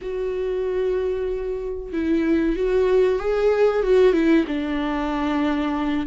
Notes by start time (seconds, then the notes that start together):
0.01 F#4
1.92 E4
2.56 F#4
3.19 G#4
3.83 F#4
4.12 E4
4.47 D4